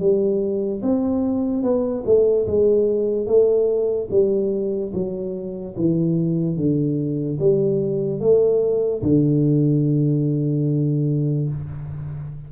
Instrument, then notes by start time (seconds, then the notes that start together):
tuba
0.00 G3
0.83 C4
1.63 B3
2.06 A3
2.47 G#3
3.27 A3
4.11 G3
4.94 F#3
5.77 E3
6.57 D3
7.40 G3
8.20 A3
9.03 D3